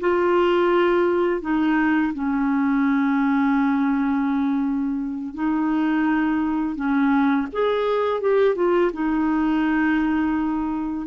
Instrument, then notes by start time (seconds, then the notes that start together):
clarinet
0.00 F4
1.41 D#4
2.13 C#4
5.34 D#4
6.75 C#4
7.52 G#4
8.20 G4
8.55 F4
8.93 D#4